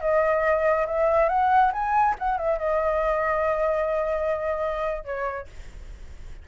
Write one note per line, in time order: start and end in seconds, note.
0.00 0.86 D#5
0.86 1.28 E5
1.28 1.71 F#5
1.72 2.15 G#5
2.19 2.37 F#5
2.37 2.58 E5
2.58 5.04 D#5
5.04 5.47 C#5